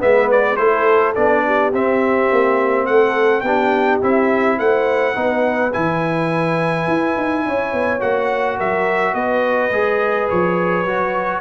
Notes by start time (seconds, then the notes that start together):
0.00 G#3 B3 B4 E5
0.32 D5
0.57 A3 E4 A4 C5
1.15 B3 D4 D5
1.46 G4
1.73 C4 E5
2.32 A#3
2.86 A3 A4 F#5
3.41 B3 D4 G4 G5
4.02 C4 E4 E5
4.59 A3 C5 F#5
5.15 B3 D#4 B4
5.73 E3 E4 G#5
6.88 E4
7.17 D#4
7.46 C#4 C#5
7.73 B3
8.00 A#3 F#4 F#5
8.56 F#3 A#4 E5
9.14 B3 B4 D#5
9.71 G#3 G#4
10.30 F3 C#5
10.86 F#3 F#4